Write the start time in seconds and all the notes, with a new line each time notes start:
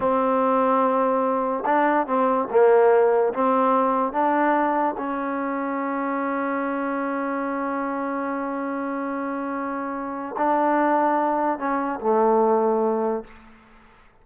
0.00 C4
1.65 D4
2.06 C4
2.50 A#3
3.33 C4
4.12 D4
4.97 C#4
10.37 D4
11.58 C#4
11.99 A3